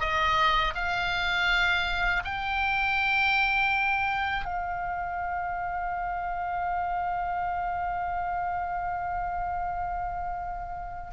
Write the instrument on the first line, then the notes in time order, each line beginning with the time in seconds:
oboe
0.00 D#5
0.75 F5
2.25 G5
4.45 F5